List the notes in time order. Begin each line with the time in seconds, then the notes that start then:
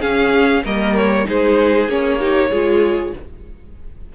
0.00 C#4 G#4 F5
0.64 G3 A#3 A#4 D#5
0.97 C#5
1.25 G#3 D#4 G#4 C5
1.88 A#3 C#4 C#5
2.20 D#4 G4
2.50 G#3 F4 G#4